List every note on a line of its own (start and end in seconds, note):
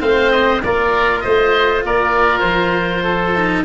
0.00 0.61 A3
0.00 0.61 C4
0.00 0.63 C5
0.00 0.31 F5
0.31 0.62 D#5
0.63 1.24 A#3
0.63 3.35 F4
0.63 1.24 A#4
0.63 1.21 D5
1.21 1.85 A3
1.21 1.84 C5
1.21 1.81 D#5
1.85 2.42 A#3
1.85 3.03 A#4
1.85 2.40 D5
2.40 3.63 F3
2.40 3.61 C5
3.03 3.64 A4
3.35 3.65 D#4